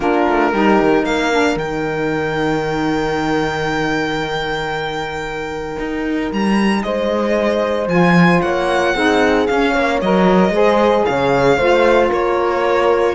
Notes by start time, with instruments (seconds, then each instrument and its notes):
0.00 cello A#3, saxophone D4, horn F4, violin A#4
0.28 cello A3
0.52 cello G3, saxophone D#4, horn G4
0.80 cello D#3
1.04 cello A#3, horn A#4, violin F5
1.32 saxophone D4
1.55 cello D#3, saxophone D#4, violin G5
5.79 cello D#4
6.32 cello G3, violin A#5
6.82 cello G#3, horn C5, violin D#5
7.87 cello F3, saxophone F4, violin G#5
8.41 cello A#3, horn C#5, violin F#5
8.94 cello C4, saxophone D#4, horn G#4
9.47 saxophone C#4, cello C#4, violin F5
9.72 cello A#3, horn C#5
10.01 cello F#3, saxophone A#4, violin D#5
10.49 cello G#3, saxophone G#4, horn C5
11.05 cello C#3, horn C#5, violin F5
11.57 cello A3, saxophone F4, horn C5
12.09 cello A#3, horn A#4, violin C#5